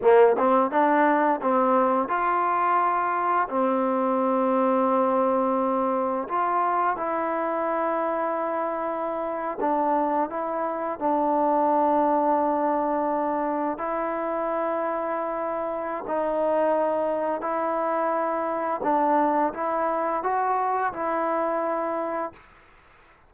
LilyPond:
\new Staff \with { instrumentName = "trombone" } { \time 4/4 \tempo 4 = 86 ais8 c'8 d'4 c'4 f'4~ | f'4 c'2.~ | c'4 f'4 e'2~ | e'4.~ e'16 d'4 e'4 d'16~ |
d'2.~ d'8. e'16~ | e'2. dis'4~ | dis'4 e'2 d'4 | e'4 fis'4 e'2 | }